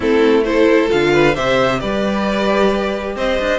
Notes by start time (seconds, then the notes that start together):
0.00 A3 C4 E4 A4
0.44 E4 A4 C5
0.89 D3 F4 F5
1.13 B4
1.34 C3 G4 C5 E5
1.80 G3 B4 D5
3.16 C4 C5 D#5
3.39 D4